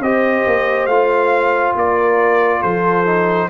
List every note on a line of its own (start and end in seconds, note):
0.00 0.43 C4
0.00 0.90 G4
0.00 1.78 C5
0.00 0.87 D#5
0.47 0.87 A#3
0.87 1.74 A3
0.87 3.06 F4
0.87 1.74 F5
1.76 2.63 A#3
1.76 2.61 A#4
1.76 2.62 D5
2.61 3.50 F3
2.61 3.48 A4
2.61 3.49 C5
3.06 3.50 D#4